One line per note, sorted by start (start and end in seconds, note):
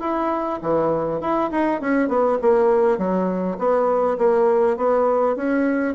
0.00 0.59 E4
0.62 1.21 E3
1.21 1.50 E4
1.51 1.81 D#4
1.81 2.08 C#4
2.08 2.38 B3
2.41 2.98 A#3
2.98 3.57 F#3
3.58 4.17 B3
4.18 4.77 A#3
4.77 5.36 B3
5.36 5.95 C#4